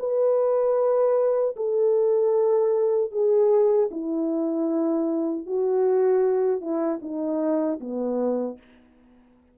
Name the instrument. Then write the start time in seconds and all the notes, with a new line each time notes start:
horn
0.00 B4
1.56 A4
3.12 G#4
3.91 E4
5.46 F#4
6.61 E4
7.02 D#4
7.80 B3